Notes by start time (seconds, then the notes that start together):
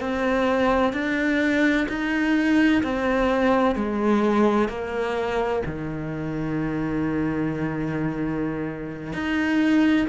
0.00 C4
0.93 D4
1.88 D#4
2.83 C4
3.75 G#3
4.68 A#3
5.65 D#3
9.13 D#4